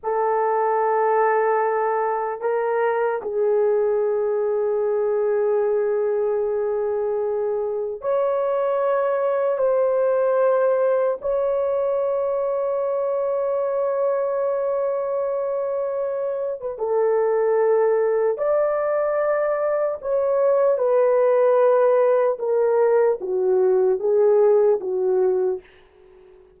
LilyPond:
\new Staff \with { instrumentName = "horn" } { \time 4/4 \tempo 4 = 75 a'2. ais'4 | gis'1~ | gis'2 cis''2 | c''2 cis''2~ |
cis''1~ | cis''8. b'16 a'2 d''4~ | d''4 cis''4 b'2 | ais'4 fis'4 gis'4 fis'4 | }